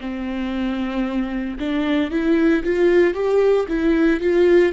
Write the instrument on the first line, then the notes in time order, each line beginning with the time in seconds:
viola
0.00 C4
1.59 D4
2.11 E4
2.64 F4
3.14 G4
3.68 E4
4.21 F4